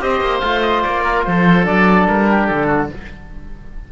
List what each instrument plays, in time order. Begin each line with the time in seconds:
0.00 cello C4, trombone G4, oboe C5 D#5
0.21 cello A#3
0.39 cello A3, trombone F4, oboe F5
0.62 oboe D#5
0.82 cello A#3, oboe D5
1.03 oboe A#4
1.24 cello F3, oboe A4 C5
1.63 cello F#3, trombone D4, oboe D5
2.07 cello G3, oboe A#4
2.30 oboe G4
2.46 cello D3, oboe A4
2.66 oboe F#4